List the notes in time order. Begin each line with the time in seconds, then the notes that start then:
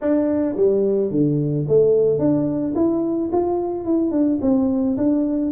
0.01 D4
0.56 G3
1.10 D3
1.68 A3
2.18 D4
2.75 E4
3.32 F4
3.85 E4
4.11 D4
4.41 C4
4.97 D4